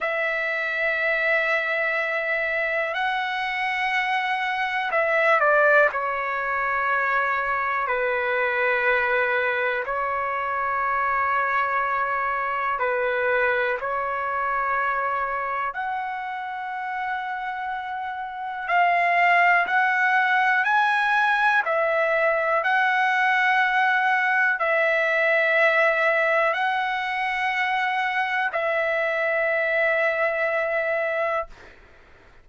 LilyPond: \new Staff \with { instrumentName = "trumpet" } { \time 4/4 \tempo 4 = 61 e''2. fis''4~ | fis''4 e''8 d''8 cis''2 | b'2 cis''2~ | cis''4 b'4 cis''2 |
fis''2. f''4 | fis''4 gis''4 e''4 fis''4~ | fis''4 e''2 fis''4~ | fis''4 e''2. | }